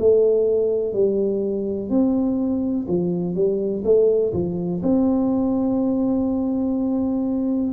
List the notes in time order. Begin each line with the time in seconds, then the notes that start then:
0.00 A3
0.94 G3
1.90 C4
2.88 F3
3.35 G3
3.85 A3
4.34 F3
4.83 C4